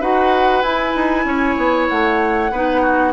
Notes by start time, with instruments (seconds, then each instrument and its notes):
0.00 bassoon D#4, clarinet F#4, oboe B4, flute F#5
0.61 bassoon E4, clarinet E4, flute G#5
0.95 bassoon D#4
1.25 bassoon C#4, oboe C#5
1.57 bassoon B3
1.88 bassoon A3, flute F#5
2.51 bassoon B3, clarinet D#4, oboe B4
2.81 oboe F#4